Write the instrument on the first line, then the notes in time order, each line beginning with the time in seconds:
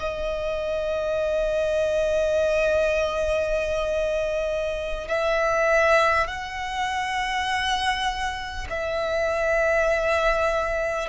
violin
0.00 D#5
5.09 E5
6.28 F#5
8.70 E5